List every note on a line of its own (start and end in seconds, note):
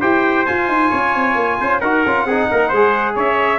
0.00 0.47 E4
0.00 0.46 G4
0.00 0.90 C5
0.00 0.45 G5
0.45 1.82 F4
0.45 0.67 F4
0.45 1.80 G#5
0.67 0.90 D#4
0.90 1.15 C#4
0.90 1.57 C#5
1.15 1.35 C4
1.35 1.57 A#3
1.60 1.82 C#4
1.60 1.80 C5
1.80 2.04 D#4
1.80 2.06 F#4
1.80 2.25 A#4
1.80 3.15 F#5
2.06 2.24 C#4
2.06 2.29 F4
2.24 2.47 C4
2.24 2.49 G#4
2.31 2.74 D#4
2.50 2.72 A#3
2.50 2.68 A#4
2.68 3.16 G#3
2.68 3.13 C5
2.74 3.59 G#4
3.15 3.59 C#4
3.15 3.59 C#5
3.15 3.59 E5